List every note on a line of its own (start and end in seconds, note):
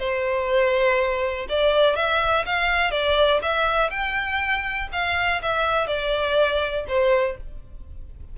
0.00 1.48 C5
1.50 1.96 D5
1.96 2.46 E5
2.46 2.92 F5
2.92 3.41 D5
3.43 3.91 E5
3.91 4.89 G5
4.93 5.42 F5
5.43 5.87 E5
5.87 6.86 D5
6.89 7.38 C5